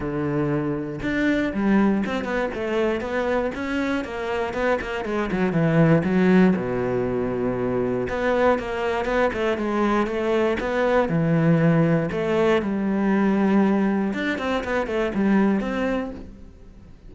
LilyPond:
\new Staff \with { instrumentName = "cello" } { \time 4/4 \tempo 4 = 119 d2 d'4 g4 | c'8 b8 a4 b4 cis'4 | ais4 b8 ais8 gis8 fis8 e4 | fis4 b,2. |
b4 ais4 b8 a8 gis4 | a4 b4 e2 | a4 g2. | d'8 c'8 b8 a8 g4 c'4 | }